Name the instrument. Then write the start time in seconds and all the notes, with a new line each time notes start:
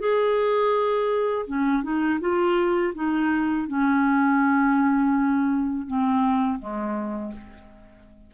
clarinet
0.00 G#4
1.47 C#4
1.83 D#4
2.21 F4
2.95 D#4
3.68 C#4
5.88 C4
6.60 G#3